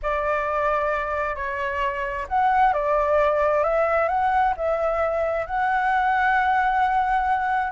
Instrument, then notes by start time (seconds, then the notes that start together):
flute
0.02 D5
1.35 C#5
2.28 F#5
2.73 D5
3.63 E5
4.08 F#5
4.56 E5
5.46 F#5